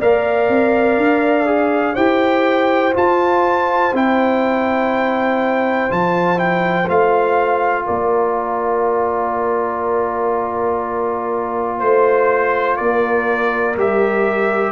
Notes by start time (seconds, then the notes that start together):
0.00 A#3 A#4 D5 F5
0.49 C4
0.98 D4
1.46 G#4
1.94 E4 G4 C5 G5
2.94 F4 A5
3.94 C4 E4 G5
5.90 F3 F4 A5
6.36 E4 G5
6.87 A3 F4 F5
7.86 A#3 A#4 D5
11.79 A3 C5
12.77 A#3 A#4 D5
13.77 G3 G4 E5